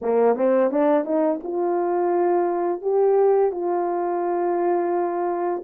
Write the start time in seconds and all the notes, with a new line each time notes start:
0.01 A#3
0.35 C4
0.70 D4
1.04 D#4
1.43 F4
2.81 G4
3.51 F4